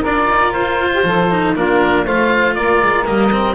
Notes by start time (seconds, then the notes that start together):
0.00 D4 F4 A#4 D5
0.28 D#4
0.53 F4 C5
0.94 G4
1.04 F3 A4
1.31 D#4
1.56 A#3 D4 F4 A#4
2.05 A3 F4 C5 F5
2.55 A#3 A#4 D5
2.82 G#3
3.05 G3 A#3 D#5
3.32 C4